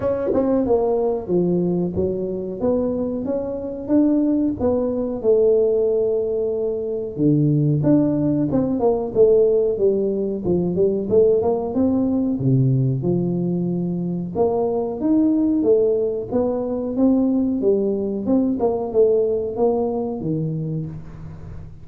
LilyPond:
\new Staff \with { instrumentName = "tuba" } { \time 4/4 \tempo 4 = 92 cis'8 c'8 ais4 f4 fis4 | b4 cis'4 d'4 b4 | a2. d4 | d'4 c'8 ais8 a4 g4 |
f8 g8 a8 ais8 c'4 c4 | f2 ais4 dis'4 | a4 b4 c'4 g4 | c'8 ais8 a4 ais4 dis4 | }